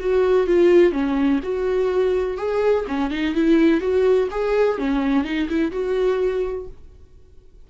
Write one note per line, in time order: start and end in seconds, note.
0.00 0.48 F#4
0.48 0.93 F4
0.93 1.41 C#4
1.44 2.38 F#4
2.38 2.86 G#4
2.88 3.11 C#4
3.11 3.35 D#4
3.35 3.81 E4
3.81 4.29 F#4
4.31 4.79 G#4
4.79 5.25 C#4
5.25 5.49 D#4
5.49 5.72 E4
5.72 6.68 F#4